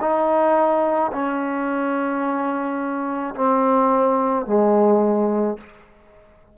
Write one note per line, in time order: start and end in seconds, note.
0.00 1.11 D#4
1.12 3.34 C#4
3.34 4.45 C4
4.46 5.57 G#3